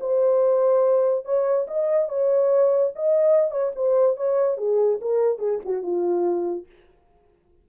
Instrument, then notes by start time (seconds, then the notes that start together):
horn
0.00 C5
1.25 C#5
1.67 D#5
2.08 C#5
2.95 D#5
3.51 C#5
3.75 C5
4.16 C#5
4.57 G#4
5.01 A#4
5.38 G#4
5.65 F#4
5.82 F4